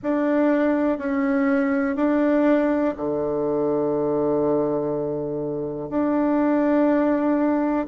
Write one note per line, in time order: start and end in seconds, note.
0.02 0.98 D4
0.98 1.96 C#4
1.96 2.94 D4
2.96 5.89 D3
5.89 7.86 D4